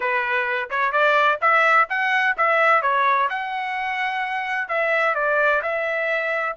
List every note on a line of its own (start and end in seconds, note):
0.00 0.69 B4
0.70 0.92 C#5
0.92 1.38 D5
1.41 1.87 E5
1.89 2.36 F#5
2.37 2.81 E5
2.81 3.28 C#5
3.29 4.68 F#5
4.68 5.14 E5
5.14 5.61 D5
5.62 6.56 E5